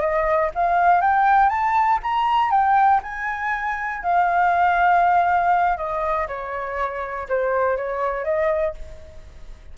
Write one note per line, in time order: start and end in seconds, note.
0.00 0.50 D#5
0.55 1.01 F5
1.01 1.49 G5
1.49 1.99 A5
2.02 2.50 A#5
2.50 3.00 G5
3.02 4.02 G#5
4.02 5.77 F5
5.77 6.27 D#5
6.27 7.27 C#5
7.29 7.77 C5
7.77 8.24 C#5
8.24 8.74 D#5